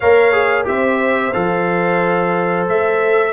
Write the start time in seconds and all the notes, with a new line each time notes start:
0.00 A#3 A#4 C#5 F5
0.32 G#4
0.64 C4 G4 C5 E5
1.33 F3 A4 F5
2.68 A3 E5